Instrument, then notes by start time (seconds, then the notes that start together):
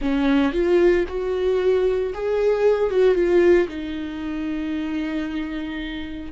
viola
0.01 C#4
0.52 F4
1.07 F#4
2.14 G#4
2.90 F#4
3.15 F4
3.68 D#4